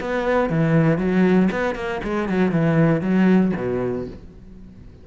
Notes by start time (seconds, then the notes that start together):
0.00 B3
0.49 E3
0.98 F#3
1.52 B3
1.75 A#3
2.04 G#3
2.29 F#3
2.51 E3
3.01 F#3
3.56 B2